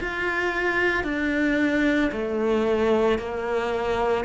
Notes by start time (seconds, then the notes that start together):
0.00 F4
1.04 D4
2.12 A3
3.19 A#3